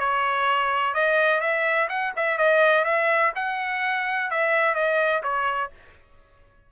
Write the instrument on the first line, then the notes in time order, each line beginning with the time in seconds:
trumpet
0.00 C#5
0.95 D#5
1.41 E5
1.90 F#5
2.17 E5
2.38 D#5
2.85 E5
3.36 F#5
4.31 E5
4.75 D#5
5.23 C#5